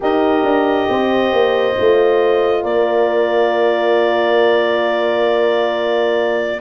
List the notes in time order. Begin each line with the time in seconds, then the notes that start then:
0.00 D#4 G4 A#4 D#5
0.43 D4
0.89 C4 C5
1.32 A#3
1.76 A3 F4
2.62 A#3 A#4 D5